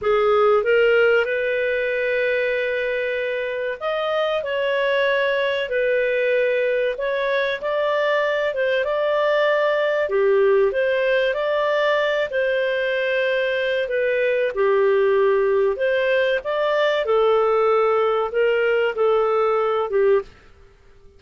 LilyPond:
\new Staff \with { instrumentName = "clarinet" } { \time 4/4 \tempo 4 = 95 gis'4 ais'4 b'2~ | b'2 dis''4 cis''4~ | cis''4 b'2 cis''4 | d''4. c''8 d''2 |
g'4 c''4 d''4. c''8~ | c''2 b'4 g'4~ | g'4 c''4 d''4 a'4~ | a'4 ais'4 a'4. g'8 | }